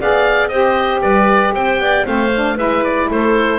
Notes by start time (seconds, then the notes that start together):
0.00 B3 G#4 D5 F5
0.48 C4 G4 C5 D#5
1.02 G3 B4 D5
1.53 C4 C5 G5
1.79 B3 D5
2.05 A3 C4 C5 F5
2.35 D4
2.56 G#3 E4 B4 E5
2.84 D5
3.10 A3 A4 C5